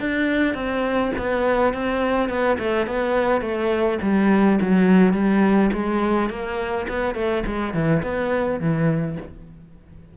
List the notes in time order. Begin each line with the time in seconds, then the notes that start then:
0.00 D4
0.55 C4
1.18 B3
1.74 C4
2.29 B3
2.59 A3
2.87 B3
3.42 A3
4.02 G3
4.61 F#3
5.13 G3
5.73 G#3
6.30 A#3
6.89 B3
7.15 A3
7.46 G#3
7.74 E3
8.03 B3
8.60 E3